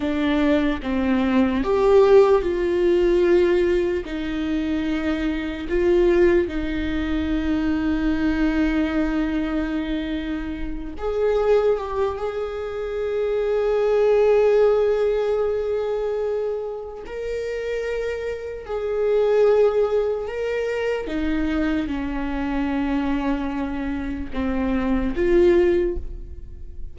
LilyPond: \new Staff \with { instrumentName = "viola" } { \time 4/4 \tempo 4 = 74 d'4 c'4 g'4 f'4~ | f'4 dis'2 f'4 | dis'1~ | dis'4. gis'4 g'8 gis'4~ |
gis'1~ | gis'4 ais'2 gis'4~ | gis'4 ais'4 dis'4 cis'4~ | cis'2 c'4 f'4 | }